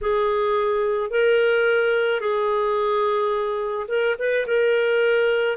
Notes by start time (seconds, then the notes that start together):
0.01 G#4
1.10 A#4
2.20 G#4
3.87 A#4
4.18 B4
4.46 A#4